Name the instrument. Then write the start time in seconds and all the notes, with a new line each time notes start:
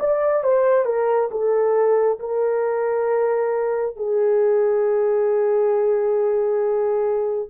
horn
0.00 D5
0.44 C5
0.86 A#4
1.32 A4
2.20 A#4
3.97 G#4